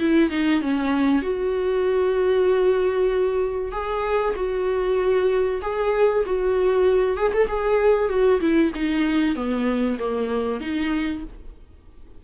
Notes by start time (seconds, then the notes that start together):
0.00 E4
0.30 D#4
0.62 C#4
1.22 F#4
3.72 G#4
4.36 F#4
5.62 G#4
6.26 F#4
7.18 G#4
7.34 A4
7.48 G#4
8.09 F#4
8.41 E4
8.75 D#4
9.36 B3
10.00 A#3
10.61 D#4